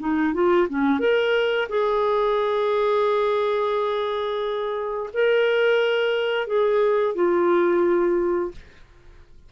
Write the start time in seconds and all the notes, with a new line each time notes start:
0.00 D#4
0.34 F4
0.69 C#4
0.99 A#4
1.69 G#4
5.14 A#4
6.47 G#4
7.15 F4